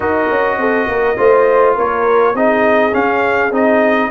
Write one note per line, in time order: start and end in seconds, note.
0.00 0.28 D#4
0.00 1.16 F#4
0.00 0.58 A#4
0.00 1.75 D#5
0.30 0.57 C#4
0.57 0.87 C4
0.57 0.89 A4
0.87 1.17 A#3
0.87 1.17 A#4
1.17 1.77 A3
1.17 2.34 F4
1.17 1.75 C5
1.75 2.34 A#3
1.75 2.34 A#4
1.75 2.36 C#5
2.34 2.93 C4
2.34 2.91 D#4
2.34 4.10 G#4
2.34 2.94 D#5
2.91 3.50 C#4
2.91 3.51 C#4
2.91 3.53 F5
3.51 4.10 C4
3.51 4.10 D#4
3.51 4.10 D#5